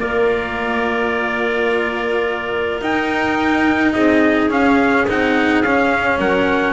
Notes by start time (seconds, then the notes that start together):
0.00 A#3 F4 A#4 D5
2.81 D#4 G5
3.93 C4 G#4 D#5
4.50 C#4 F5
5.08 C4 D#4 F#5
5.63 C#4 F5
6.18 F#3 A#4 F#5